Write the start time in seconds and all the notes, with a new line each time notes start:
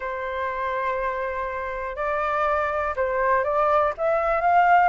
0.00 C5
1.96 D5
2.96 C5
3.44 D5
3.97 E5
4.41 F5